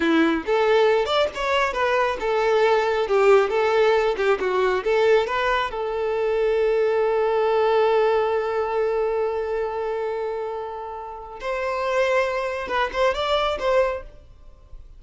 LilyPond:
\new Staff \with { instrumentName = "violin" } { \time 4/4 \tempo 4 = 137 e'4 a'4. d''8 cis''4 | b'4 a'2 g'4 | a'4. g'8 fis'4 a'4 | b'4 a'2.~ |
a'1~ | a'1~ | a'2 c''2~ | c''4 b'8 c''8 d''4 c''4 | }